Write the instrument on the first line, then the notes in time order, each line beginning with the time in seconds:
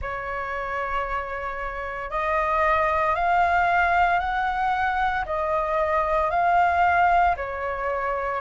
flute
0.01 C#5
2.10 D#5
3.15 F5
4.19 F#5
5.25 D#5
6.30 F5
7.36 C#5